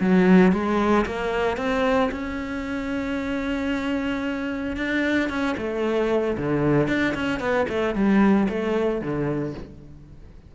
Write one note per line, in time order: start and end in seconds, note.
0.00 0.52 F#3
0.52 1.05 G#3
1.06 1.57 A#3
1.57 2.10 C4
2.11 4.76 C#4
4.76 5.29 D4
5.29 5.56 C#4
5.57 6.37 A3
6.37 6.88 D3
6.88 7.14 D4
7.14 7.39 C#4
7.39 7.66 B3
7.69 7.95 A3
7.95 8.48 G3
8.49 9.01 A3
9.01 9.54 D3